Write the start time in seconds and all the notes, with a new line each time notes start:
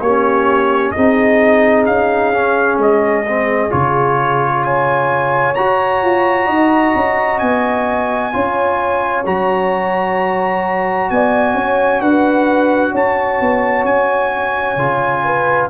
0.00 A#3 C#4 G4 C#5
0.91 C4 D#4 G#4 D#5
1.86 C#4 F5
2.33 C#4
2.77 G#3 D#5
3.27 C4
3.70 C#3 F4 C#5
4.63 C#5 G#5
5.55 F#4 A#5
6.02 F4
6.46 D#4 D#5
6.95 C#4
7.38 B3 G#5
8.32 C#4 F4 C#5
9.26 F#3 F#4 A#5
11.10 B3 D5 G#5
11.54 C#4 C#5
12.00 D4 B4 F#5
12.92 C#4 C#5 A5
13.40 B3
13.84 C#4 G#5
14.76 C#3 F4
15.24 B4